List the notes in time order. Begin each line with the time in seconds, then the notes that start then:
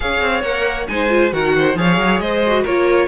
0.00 C#4 G#4 C#5 F5
0.20 C4
0.43 A#3 A#4 F#5
0.87 G#3 D#4 C5 G#5
1.09 F4
1.31 D#3 F#4 A#4 F#5
1.56 C5
1.75 F3 G#4 C#5 F5
1.97 F#3
2.19 G#3 C5 D#5
2.47 F#4
2.62 A#3 F4 A#4 C#5